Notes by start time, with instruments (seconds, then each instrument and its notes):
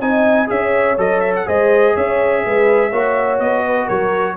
0.00 tuba C4, trombone D#4, horn D#5, trumpet G#5
0.47 tuba C#4, trombone G#4, horn C#5, trumpet E5
0.97 tuba F#3, trombone A4, trumpet D#5
1.20 trumpet E5
1.36 trumpet F#5
1.46 tuba G#3, trombone G#4, horn C5, trumpet D#5
1.93 tuba C#4, horn C#5, trumpet E5
2.44 tuba G#3, horn B4
2.90 tuba A#3, trombone F#4, horn C#5
3.39 tuba B3, trumpet D#5
3.66 horn B4
3.85 tuba F#3, horn A#4, trumpet C#5